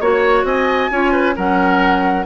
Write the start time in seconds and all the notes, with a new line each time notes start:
0.00 A#3 F#4 C#5
0.43 C4 D#5 G#5
0.91 C#4 F4 C#5
1.12 B4
1.35 F#3 C#4 A#4 F#5